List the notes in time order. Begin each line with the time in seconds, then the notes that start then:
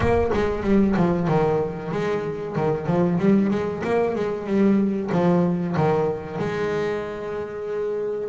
0.00 A#3
0.33 G#3
0.63 G3
0.96 F3
1.27 D#3
1.91 G#3
2.55 D#3
2.86 F3
3.18 G3
3.50 G#3
3.84 A#3
4.15 G#3
4.46 G3
5.12 F3
5.76 D#3
6.38 G#3